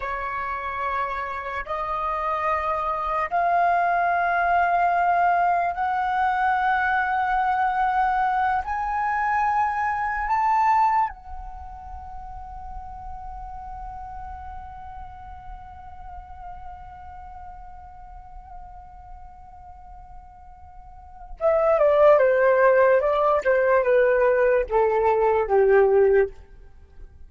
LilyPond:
\new Staff \with { instrumentName = "flute" } { \time 4/4 \tempo 4 = 73 cis''2 dis''2 | f''2. fis''4~ | fis''2~ fis''8 gis''4.~ | gis''8 a''4 fis''2~ fis''8~ |
fis''1~ | fis''1~ | fis''2 e''8 d''8 c''4 | d''8 c''8 b'4 a'4 g'4 | }